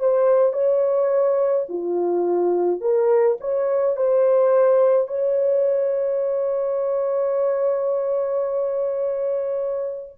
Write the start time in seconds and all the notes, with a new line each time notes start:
0.00 C5
0.53 C#5
1.69 F4
2.81 A#4
3.41 C#5
3.97 C5
5.08 C#5